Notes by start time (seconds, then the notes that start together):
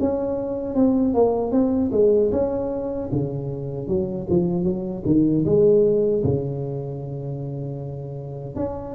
0.00 C#4
0.75 C4
1.14 A#3
1.52 C4
1.92 G#3
2.32 C#4
3.12 C#3
3.88 F#3
4.29 F3
4.64 F#3
5.06 D#3
5.45 G#3
6.24 C#3
8.56 C#4